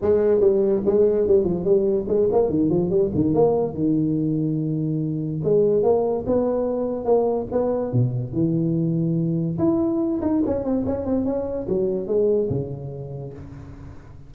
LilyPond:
\new Staff \with { instrumentName = "tuba" } { \time 4/4 \tempo 4 = 144 gis4 g4 gis4 g8 f8 | g4 gis8 ais8 dis8 f8 g8 dis8 | ais4 dis2.~ | dis4 gis4 ais4 b4~ |
b4 ais4 b4 b,4 | e2. e'4~ | e'8 dis'8 cis'8 c'8 cis'8 c'8 cis'4 | fis4 gis4 cis2 | }